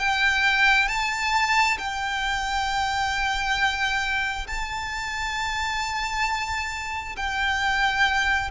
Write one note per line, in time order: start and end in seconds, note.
0.00 0.88 G5
0.88 1.78 A5
1.79 4.47 G5
4.48 7.16 A5
7.17 8.51 G5